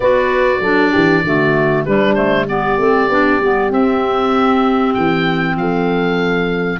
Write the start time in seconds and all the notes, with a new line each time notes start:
0.00 B3 F#4 B4 D5
0.60 F#3 D4 A4
0.91 E3 G4
1.23 D3 A3 F#4
1.85 G3 D4 B4
2.14 A3 C5
2.48 B3 G4 D5
2.78 A3 C4
3.08 B3 D4
3.40 G3 B3
3.69 C4 E5
4.94 E3 G5
5.56 F3 A4 F5